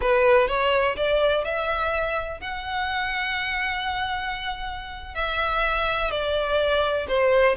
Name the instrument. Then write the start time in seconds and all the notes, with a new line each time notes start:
violin
0.01 B4
0.48 C#5
0.96 D5
1.44 E5
2.40 F#5
5.14 E5
6.10 D5
7.08 C5